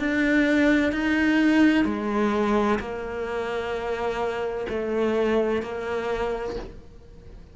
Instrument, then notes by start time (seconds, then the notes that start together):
cello
0.00 D4
0.93 D#4
1.85 G#3
2.80 A#3
4.69 A3
5.62 A#3